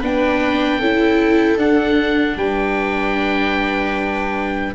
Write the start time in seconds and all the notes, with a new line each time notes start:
0.00 B3 D4 B4 G5
0.79 C#4 E4 A4
1.58 D4 F#5
2.36 G3 B4 G5